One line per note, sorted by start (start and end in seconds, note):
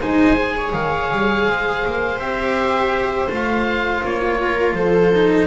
0.00 0.73 G#3
0.00 0.36 D#4
0.00 0.55 C5
0.00 0.73 G#5
0.36 2.18 G#4
0.57 1.48 C#5
0.73 1.10 D#3
0.73 2.20 F5
1.11 1.48 G3
1.48 1.85 G#3
1.48 4.41 C5
1.86 2.19 A#3
2.18 3.28 C4
2.18 3.28 G4
2.18 3.29 E5
3.29 4.03 A3
3.29 5.12 F4
3.29 4.05 F5
4.04 4.73 A#3
4.04 4.75 C#5
4.42 4.76 A#4
4.73 5.46 F3
4.73 5.47 A4
4.73 5.47 C5
5.14 5.47 D#4